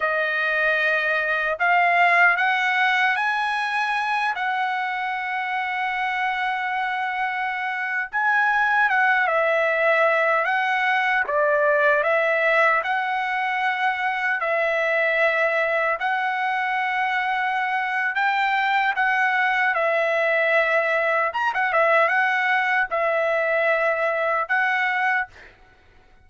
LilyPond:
\new Staff \with { instrumentName = "trumpet" } { \time 4/4 \tempo 4 = 76 dis''2 f''4 fis''4 | gis''4. fis''2~ fis''8~ | fis''2~ fis''16 gis''4 fis''8 e''16~ | e''4~ e''16 fis''4 d''4 e''8.~ |
e''16 fis''2 e''4.~ e''16~ | e''16 fis''2~ fis''8. g''4 | fis''4 e''2 ais''16 fis''16 e''8 | fis''4 e''2 fis''4 | }